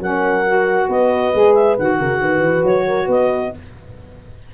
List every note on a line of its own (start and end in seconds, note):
0.00 0.88 F#3
0.00 0.46 C#4
0.00 0.89 A#4
0.00 0.90 F#5
0.46 1.34 F#4
0.89 1.33 B3
0.89 1.98 B4
0.89 1.54 D#5
1.34 1.78 G#3
1.34 1.78 G#4
1.54 1.76 E5
1.79 2.00 D#3
1.79 3.54 F#4
1.79 2.65 F#5
1.99 2.21 C#3
1.99 2.20 A#4
2.21 2.41 D#3
2.21 2.87 B4
2.41 2.63 E3
2.65 3.08 F#3
2.65 3.09 C#5
2.87 3.06 A#4
3.06 3.52 B3
3.06 3.50 B4
3.06 3.54 D#5